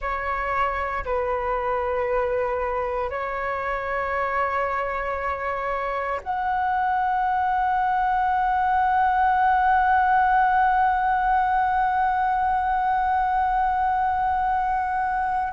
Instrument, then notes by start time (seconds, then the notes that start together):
flute
0.00 C#5
1.04 B4
3.10 C#5
6.23 F#5